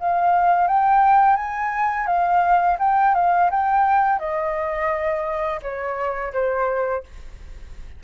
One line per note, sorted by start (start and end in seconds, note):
0.00 0.67 F5
0.67 1.36 G5
1.36 2.07 G#5
2.07 2.77 F5
2.79 3.14 G5
3.15 3.50 F5
3.51 4.19 G5
4.19 5.60 D#5
5.62 6.33 C#5
6.33 7.04 C5